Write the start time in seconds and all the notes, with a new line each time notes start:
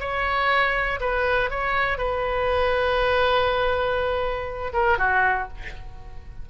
0.00 C#5
1.00 B4
1.50 C#5
1.98 B4
4.73 A#4
4.98 F#4